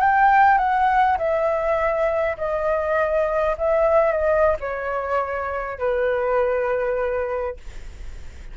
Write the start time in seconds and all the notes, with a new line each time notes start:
0.00 G5
0.58 F#5
1.18 E5
2.37 D#5
3.58 E5
4.12 D#5
4.60 C#5
5.79 B4